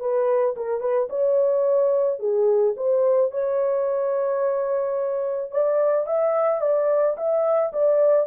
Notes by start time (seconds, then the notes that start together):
0.00 B4
0.56 A#4
0.80 B4
1.10 C#5
2.19 G#4
2.76 C5
3.31 C#5
5.51 D5
6.06 E5
6.61 D5
7.17 E5
7.73 D5